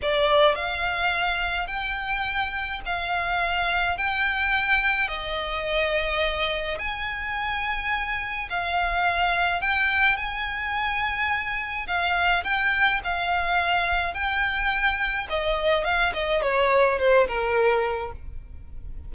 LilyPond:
\new Staff \with { instrumentName = "violin" } { \time 4/4 \tempo 4 = 106 d''4 f''2 g''4~ | g''4 f''2 g''4~ | g''4 dis''2. | gis''2. f''4~ |
f''4 g''4 gis''2~ | gis''4 f''4 g''4 f''4~ | f''4 g''2 dis''4 | f''8 dis''8 cis''4 c''8 ais'4. | }